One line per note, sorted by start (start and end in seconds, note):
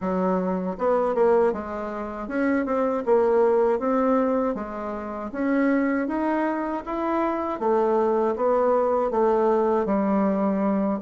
0.00 0.76 F#3
0.78 1.14 B3
1.14 1.52 A#3
1.52 2.28 G#3
2.28 2.65 C#4
2.65 3.03 C4
3.05 3.79 A#3
3.79 4.54 C4
4.54 5.30 G#3
5.32 6.07 C#4
6.07 6.83 D#4
6.85 7.59 E4
7.59 8.35 A3
8.36 9.10 B3
9.10 9.85 A3
9.85 10.99 G3